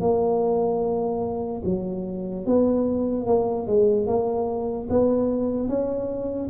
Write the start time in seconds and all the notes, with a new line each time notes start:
0.00 A#3
1.65 F#3
2.45 B3
3.26 A#3
3.66 G#3
4.07 A#3
4.89 B3
5.68 C#4